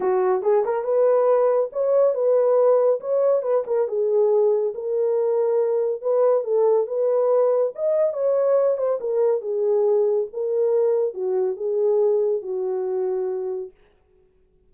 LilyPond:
\new Staff \with { instrumentName = "horn" } { \time 4/4 \tempo 4 = 140 fis'4 gis'8 ais'8 b'2 | cis''4 b'2 cis''4 | b'8 ais'8 gis'2 ais'4~ | ais'2 b'4 a'4 |
b'2 dis''4 cis''4~ | cis''8 c''8 ais'4 gis'2 | ais'2 fis'4 gis'4~ | gis'4 fis'2. | }